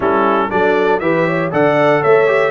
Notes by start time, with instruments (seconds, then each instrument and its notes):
0.00 tuba G3, trombone C#4, horn E4, trumpet A4
0.50 tuba F#3, trombone D4, horn A4, trumpet D5
0.99 tuba E3, trombone G4, horn B4, trumpet E5
1.26 horn C#5
1.51 tuba D3, trombone A4, horn D5, trumpet F#5
2.01 tuba A3, horn C#5, trumpet E5
2.26 trombone G4